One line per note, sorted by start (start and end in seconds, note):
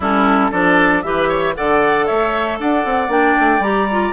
0.00 0.50 G3
0.00 0.52 C#4
0.00 0.50 E4
0.00 0.52 A4
0.51 1.03 F3
0.51 1.03 D4
0.51 1.02 A4
0.51 1.02 D5
1.02 1.55 E3
1.02 1.55 G4
1.02 1.28 B4
1.02 1.54 E5
1.28 1.54 C#5
1.55 2.09 D3
1.55 3.09 A4
1.55 2.06 D5
1.55 2.06 F#5
2.06 2.59 A3
2.06 2.58 C#5
2.06 2.58 E5
2.59 2.84 D4
2.59 4.12 D5
2.59 3.11 F#5
2.84 3.08 C4
3.08 3.34 A#3
3.08 3.60 D4
3.08 3.63 G5
3.39 3.59 A3
3.59 4.11 G3
3.59 3.88 G4
3.59 4.12 A#5
3.91 4.12 F4